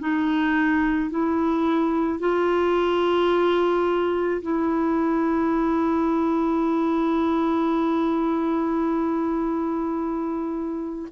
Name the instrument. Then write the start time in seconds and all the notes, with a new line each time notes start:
clarinet
0.00 D#4
1.11 E4
2.20 F4
4.42 E4